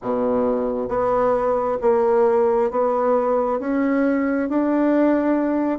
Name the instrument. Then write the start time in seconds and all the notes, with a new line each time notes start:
bassoon
0.02 B2
0.88 B3
1.81 A#3
2.70 B3
3.59 C#4
4.49 D4